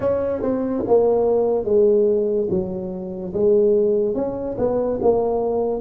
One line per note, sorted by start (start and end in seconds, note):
0.00 0.42 C#4
0.42 0.83 C4
0.87 1.64 A#3
1.64 2.48 G#3
2.50 3.33 F#3
3.33 4.14 G#3
4.14 4.56 C#4
4.58 4.99 B3
5.02 5.80 A#3